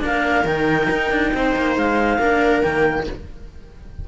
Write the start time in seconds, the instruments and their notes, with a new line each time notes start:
0.00 cello A#3 D4, viola A#4, clarinet F5
0.45 cello D#3 D#4, clarinet G5
0.90 cello D#4
1.11 cello D4
1.34 cello C4, viola C5
1.56 cello A#3
1.77 cello G#3, clarinet F5
2.19 cello A#3 D4, viola A#4
2.62 cello D#3 A#3, clarinet G5